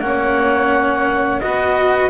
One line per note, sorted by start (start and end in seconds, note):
0.00 1.41 A#3
0.00 1.41 C#4
0.00 1.42 C#5
0.00 1.40 F#5
1.40 2.10 B3
1.40 2.10 F#4
1.40 2.10 B4
1.40 2.10 D#5